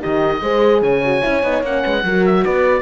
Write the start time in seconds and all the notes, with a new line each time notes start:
0.00 D#3 D#4 G4 D#5
0.41 G#3 G#4 C5
0.82 C#3 C#5 G#5
1.05 F#4
1.22 C#4 E4
1.43 B3 D#4
1.63 A#3 C#4 F#5
1.84 G#3 B4
2.04 F#3 F#4 A#4
2.26 E5
2.44 B3 B4 D5